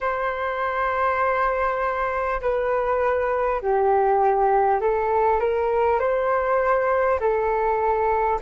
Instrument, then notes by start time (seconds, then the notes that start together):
flute
0.01 C5
2.41 B4
3.61 G4
4.80 A4
5.40 A#4
5.99 C5
7.19 A4